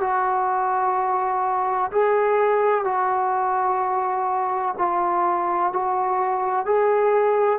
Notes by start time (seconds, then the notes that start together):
0.00 F#4
1.91 G#4
2.84 F#4
4.78 F4
5.73 F#4
6.66 G#4